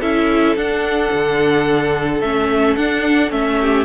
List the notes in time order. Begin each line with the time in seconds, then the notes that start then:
0.00 C#4 E4 A4 E5
0.56 D4 F#5
1.13 D3
2.21 A3 C#4 E5
2.76 D4 F#5
3.30 A3 C#4 E5
3.60 G4